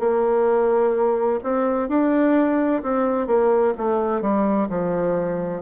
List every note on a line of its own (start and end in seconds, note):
0.00 1.41 A#3
1.44 1.89 C4
1.89 2.83 D4
2.83 3.27 C4
3.27 3.74 A#3
3.78 4.22 A3
4.22 4.69 G3
4.70 5.62 F3